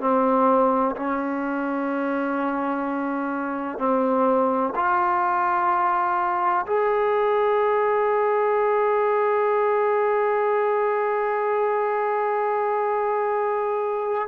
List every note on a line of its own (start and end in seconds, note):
0.00 0.95 C4
0.96 3.78 C#4
3.78 4.73 C4
4.75 6.66 F4
6.66 14.28 G#4